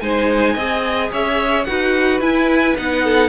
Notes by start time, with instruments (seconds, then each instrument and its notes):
0.00 cello G#3, viola D#4, violin C5 G#5
0.54 cello C4, viola G#4, violin D#5
1.11 cello C#4, violin C#5 E5
1.64 cello D#4, viola F#4, violin B4 F#5
2.20 cello E4, viola E4, violin G#5
2.76 cello B3, viola D#4, violin F#5
3.04 violin A4